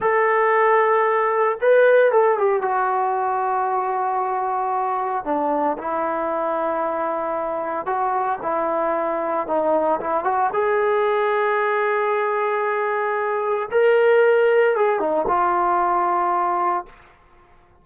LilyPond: \new Staff \with { instrumentName = "trombone" } { \time 4/4 \tempo 4 = 114 a'2. b'4 | a'8 g'8 fis'2.~ | fis'2 d'4 e'4~ | e'2. fis'4 |
e'2 dis'4 e'8 fis'8 | gis'1~ | gis'2 ais'2 | gis'8 dis'8 f'2. | }